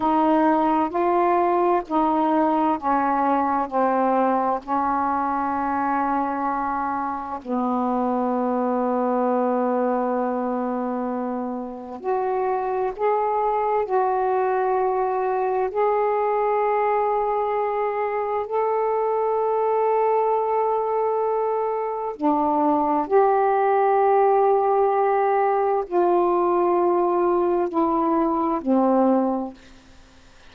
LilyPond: \new Staff \with { instrumentName = "saxophone" } { \time 4/4 \tempo 4 = 65 dis'4 f'4 dis'4 cis'4 | c'4 cis'2. | b1~ | b4 fis'4 gis'4 fis'4~ |
fis'4 gis'2. | a'1 | d'4 g'2. | f'2 e'4 c'4 | }